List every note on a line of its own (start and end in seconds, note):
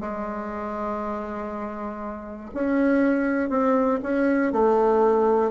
0.00 2.50 G#3
2.54 3.50 C#4
3.50 4.00 C4
4.02 4.52 C#4
4.52 5.51 A3